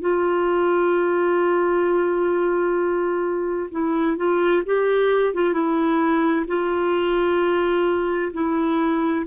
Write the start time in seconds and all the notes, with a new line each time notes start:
0.00 F4
3.71 E4
4.17 F4
4.65 G4
5.34 F4
5.53 E4
6.47 F4
8.33 E4